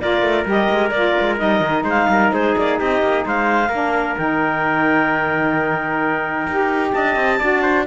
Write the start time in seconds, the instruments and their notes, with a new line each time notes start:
0.00 cello A#3, saxophone F4, trumpet A#4, clarinet D5
0.22 cello A3
0.44 cello G3, saxophone G4
0.50 clarinet D#5
0.69 cello G#3
0.89 cello A#3, saxophone F4, clarinet D5
1.20 cello G#3
1.36 cello G3, saxophone D#4, clarinet D#5
1.60 cello D#3
1.83 cello G#3, trumpet C5, clarinet F5
2.08 cello G3, trumpet A#4
2.32 cello G#3, trumpet G#4, clarinet C5
2.57 cello A#3, clarinet D5
2.78 cello C4, trumpet G4, clarinet D#5
3.02 cello A#3
3.25 cello G#3, trumpet C5, clarinet F5
3.68 cello A#3, saxophone D4, trumpet A#4
4.16 cello D#3, saxophone D#4, clarinet G5
6.47 cello D#4, saxophone G4
6.92 cello D4, trumpet D#5, clarinet A5
7.15 cello C4
7.38 cello D4, saxophone F#4, trumpet D5
7.62 trumpet C5